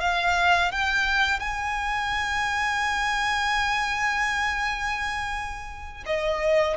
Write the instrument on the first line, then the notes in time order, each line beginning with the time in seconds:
violin
0.00 F5
0.72 G5
1.40 G#5
6.06 D#5